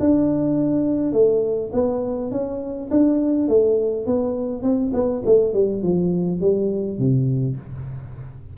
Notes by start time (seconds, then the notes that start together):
0.00 D4
1.13 A3
1.73 B3
2.32 C#4
2.91 D4
3.48 A3
4.06 B3
4.63 C4
4.94 B3
5.26 A3
5.54 G3
5.83 F3
6.41 G3
6.99 C3